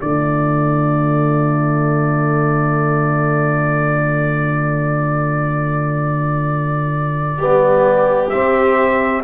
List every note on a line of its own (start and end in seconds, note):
0.00 7.39 D3
0.00 7.38 A3
0.00 7.38 F4
0.00 8.29 D5
7.38 8.31 G3
7.38 8.31 B3
7.38 9.23 G4
8.29 9.23 C4
8.29 9.22 E5